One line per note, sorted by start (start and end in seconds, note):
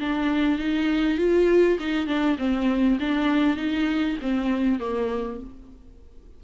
0.00 0.59 D4
0.59 1.18 D#4
1.18 1.79 F4
1.80 2.07 D#4
2.07 2.37 D4
2.39 2.99 C4
3.00 3.57 D4
3.57 4.18 D#4
4.22 4.80 C4
4.80 5.40 A#3